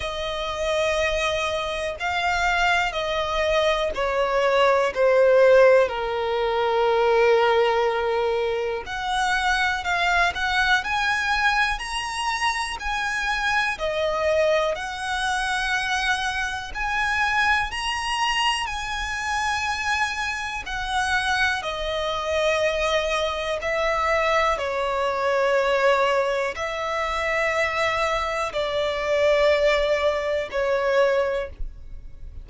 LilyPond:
\new Staff \with { instrumentName = "violin" } { \time 4/4 \tempo 4 = 61 dis''2 f''4 dis''4 | cis''4 c''4 ais'2~ | ais'4 fis''4 f''8 fis''8 gis''4 | ais''4 gis''4 dis''4 fis''4~ |
fis''4 gis''4 ais''4 gis''4~ | gis''4 fis''4 dis''2 | e''4 cis''2 e''4~ | e''4 d''2 cis''4 | }